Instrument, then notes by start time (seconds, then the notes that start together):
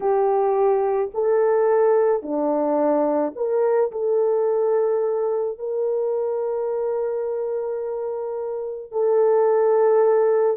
horn
0.00 G4
1.14 A4
2.22 D4
3.35 A#4
3.91 A4
5.58 A#4
8.91 A4